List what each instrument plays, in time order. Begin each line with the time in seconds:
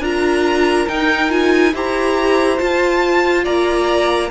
0.00 cello D4, viola F4, violin A#4 A#5
0.88 viola D#4, cello D#4, violin G5
1.30 viola F4, violin G#5
1.74 cello E4, viola G4, violin C5 A#5
2.59 viola F4, cello F4, violin A5
3.45 cello A#3, violin D5 A#5